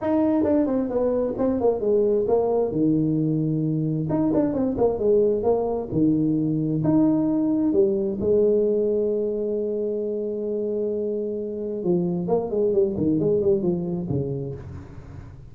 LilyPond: \new Staff \with { instrumentName = "tuba" } { \time 4/4 \tempo 4 = 132 dis'4 d'8 c'8 b4 c'8 ais8 | gis4 ais4 dis2~ | dis4 dis'8 d'8 c'8 ais8 gis4 | ais4 dis2 dis'4~ |
dis'4 g4 gis2~ | gis1~ | gis2 f4 ais8 gis8 | g8 dis8 gis8 g8 f4 cis4 | }